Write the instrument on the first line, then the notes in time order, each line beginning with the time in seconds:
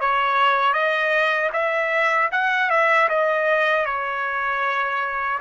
trumpet
0.00 C#5
0.73 D#5
1.52 E5
2.31 F#5
2.70 E5
3.09 D#5
3.85 C#5